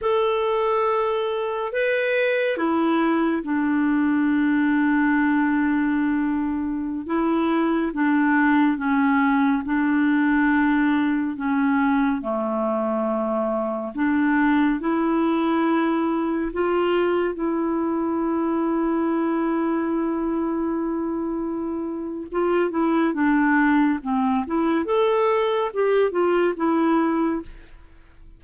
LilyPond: \new Staff \with { instrumentName = "clarinet" } { \time 4/4 \tempo 4 = 70 a'2 b'4 e'4 | d'1~ | d'16 e'4 d'4 cis'4 d'8.~ | d'4~ d'16 cis'4 a4.~ a16~ |
a16 d'4 e'2 f'8.~ | f'16 e'2.~ e'8.~ | e'2 f'8 e'8 d'4 | c'8 e'8 a'4 g'8 f'8 e'4 | }